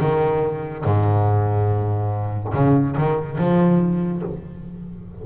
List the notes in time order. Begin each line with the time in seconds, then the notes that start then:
0.00 D#3
0.85 G#2
2.54 C#3
2.97 D#3
3.38 F3